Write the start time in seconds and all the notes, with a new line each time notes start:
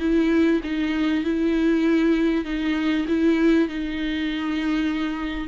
0.00 E4
0.64 D#4
1.25 E4
2.45 D#4
3.09 E4
3.69 D#4